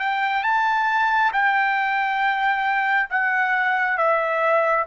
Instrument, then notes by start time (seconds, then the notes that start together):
trumpet
0.00 G5
0.44 A5
1.33 G5
3.10 F#5
3.98 E5